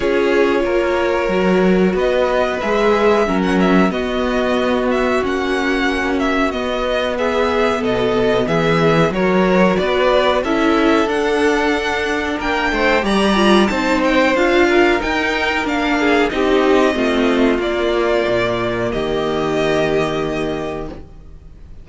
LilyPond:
<<
  \new Staff \with { instrumentName = "violin" } { \time 4/4 \tempo 4 = 92 cis''2. dis''4 | e''4~ e''16 fis''16 e''8 dis''4. e''8 | fis''4. e''8 dis''4 e''4 | dis''4 e''4 cis''4 d''4 |
e''4 fis''2 g''4 | ais''4 a''8 g''8 f''4 g''4 | f''4 dis''2 d''4~ | d''4 dis''2. | }
  \new Staff \with { instrumentName = "violin" } { \time 4/4 gis'4 ais'2 b'4~ | b'4 ais'4 fis'2~ | fis'2. gis'4 | a'4 gis'4 ais'4 b'4 |
a'2. ais'8 c''8 | d''4 c''4. ais'4.~ | ais'8 gis'8 g'4 f'2~ | f'4 g'2. | }
  \new Staff \with { instrumentName = "viola" } { \time 4/4 f'2 fis'2 | gis'4 cis'4 b2 | cis'2 b2~ | b2 fis'2 |
e'4 d'2. | g'8 f'8 dis'4 f'4 dis'4 | d'4 dis'4 c'4 ais4~ | ais1 | }
  \new Staff \with { instrumentName = "cello" } { \time 4/4 cis'4 ais4 fis4 b4 | gis4 fis4 b2 | ais2 b2 | b,4 e4 fis4 b4 |
cis'4 d'2 ais8 a8 | g4 c'4 d'4 dis'4 | ais4 c'4 a4 ais4 | ais,4 dis2. | }
>>